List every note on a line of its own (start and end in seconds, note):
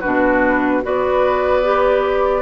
0.00 0.84 B2
0.00 0.83 D4
0.00 0.81 F#4
0.00 0.82 B4
0.83 2.42 B3
0.83 1.63 F#4
0.83 2.42 B4
0.83 2.42 D5
1.63 2.42 G4